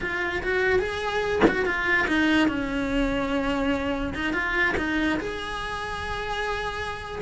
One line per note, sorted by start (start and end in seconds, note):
0.01 0.42 F4
0.43 0.79 F#4
0.79 1.41 G#4
1.47 1.65 F#4
1.65 2.07 F4
2.07 2.48 D#4
2.48 4.13 C#4
4.14 4.33 D#4
4.33 4.74 F4
4.77 5.18 D#4
5.19 7.21 G#4